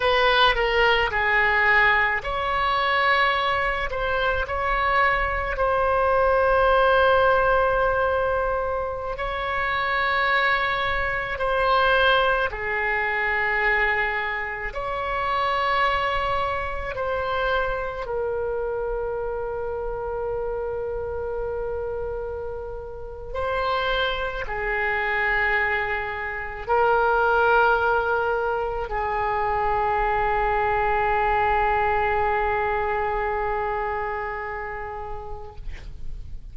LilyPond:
\new Staff \with { instrumentName = "oboe" } { \time 4/4 \tempo 4 = 54 b'8 ais'8 gis'4 cis''4. c''8 | cis''4 c''2.~ | c''16 cis''2 c''4 gis'8.~ | gis'4~ gis'16 cis''2 c''8.~ |
c''16 ais'2.~ ais'8.~ | ais'4 c''4 gis'2 | ais'2 gis'2~ | gis'1 | }